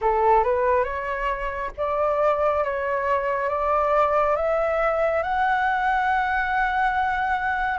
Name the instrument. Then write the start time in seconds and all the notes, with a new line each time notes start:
flute
0.01 A4
0.43 B4
0.83 C#5
1.77 D5
2.63 C#5
3.49 D5
4.36 E5
5.23 F#5